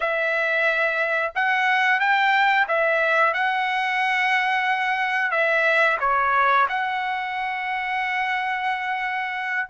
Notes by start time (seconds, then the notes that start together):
0.00 E5
1.35 F#5
2.00 G5
2.68 E5
3.33 F#5
5.31 E5
6.00 C#5
6.68 F#5